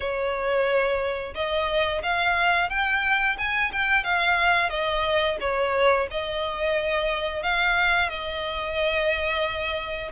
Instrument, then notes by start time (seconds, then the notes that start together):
violin
0.00 C#5
1.34 D#5
2.02 F5
2.69 G5
3.37 G#5
3.72 G5
4.04 F5
4.69 D#5
5.40 C#5
6.10 D#5
7.42 F5
8.09 D#5